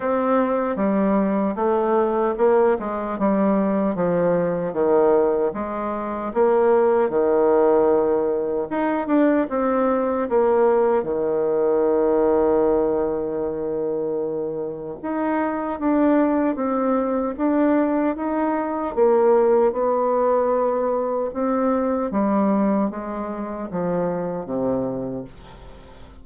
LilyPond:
\new Staff \with { instrumentName = "bassoon" } { \time 4/4 \tempo 4 = 76 c'4 g4 a4 ais8 gis8 | g4 f4 dis4 gis4 | ais4 dis2 dis'8 d'8 | c'4 ais4 dis2~ |
dis2. dis'4 | d'4 c'4 d'4 dis'4 | ais4 b2 c'4 | g4 gis4 f4 c4 | }